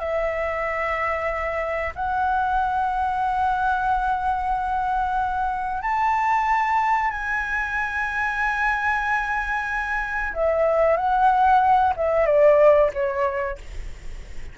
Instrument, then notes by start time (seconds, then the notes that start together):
flute
0.00 E5
1.96 F#5
5.82 A5
7.11 G#5
10.34 E5
10.97 F#5
11.96 E5
12.26 D5
12.94 C#5